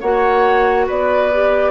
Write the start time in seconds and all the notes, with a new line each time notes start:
0.00 A#3 F#4 C#5 F#5
0.87 B3 B4 D5
1.32 G4